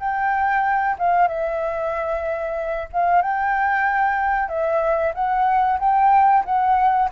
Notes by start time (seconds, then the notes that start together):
0.00 G5
0.99 F5
1.28 E5
2.93 F5
3.23 G5
4.49 E5
5.15 F#5
5.80 G5
6.45 F#5